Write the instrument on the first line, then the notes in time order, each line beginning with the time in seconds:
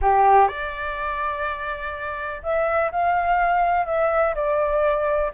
flute
0.01 G4
0.48 D5
2.42 E5
2.91 F5
3.86 E5
4.34 D5